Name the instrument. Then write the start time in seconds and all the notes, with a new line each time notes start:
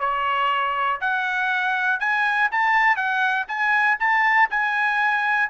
trumpet
0.00 C#5
1.01 F#5
2.00 G#5
2.51 A5
2.97 F#5
3.48 G#5
4.00 A5
4.50 G#5